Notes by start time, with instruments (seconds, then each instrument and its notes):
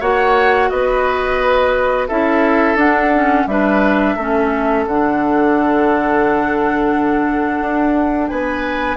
0.00 bassoon A#3, clarinet F#4, oboe C#5, flute F#5
0.70 bassoon B3, oboe B4, flute D#5
2.08 bassoon C#4, clarinet E4, oboe A4, flute E5
2.75 bassoon D4, clarinet D4, flute F#5
3.15 clarinet C#4
3.46 bassoon G3, clarinet D4, oboe B4, flute E5
4.16 bassoon A3, clarinet C#4, oboe A4
4.86 bassoon D3, clarinet D4, flute F#5
7.61 bassoon D4
8.29 bassoon B3, oboe B4, flute G#5